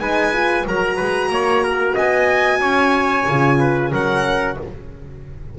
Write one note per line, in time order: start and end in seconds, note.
0.00 0.65 G#3
0.00 0.33 D#4
0.00 0.67 B4
0.00 0.65 G#5
0.33 0.66 F4
0.67 1.00 F#3
0.67 3.27 F#4
0.67 0.96 A#4
0.67 1.98 A#5
0.96 1.30 G#3
0.96 1.29 B4
1.30 1.95 A#3
1.30 1.64 C#5
1.64 1.95 A#4
1.95 2.60 B3
1.95 2.60 D#5
1.95 3.93 G#5
2.60 3.26 C#4
2.60 3.59 C#5
3.29 3.93 C#3
3.29 3.94 F4
3.60 3.92 B4
3.93 4.58 F#3
3.93 4.59 C#4
3.93 4.58 A#4
3.93 4.59 F#5